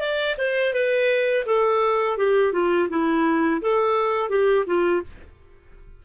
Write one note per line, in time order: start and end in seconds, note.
0.00 0.36 D5
0.38 0.74 C5
0.74 1.45 B4
1.46 2.18 A4
2.18 2.53 G4
2.53 2.89 F4
2.90 3.61 E4
3.62 4.30 A4
4.30 4.66 G4
4.67 5.03 F4